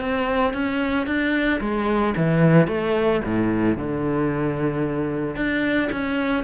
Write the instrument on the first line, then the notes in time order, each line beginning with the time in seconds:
cello
0.00 C4
0.53 C#4
1.06 D4
1.60 G#3
2.16 E3
2.67 A3
3.24 A2
3.77 D3
5.35 D4
5.91 C#4